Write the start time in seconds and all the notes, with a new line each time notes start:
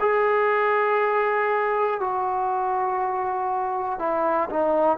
0.00 G#4
2.00 F#4
4.00 E4
4.50 D#4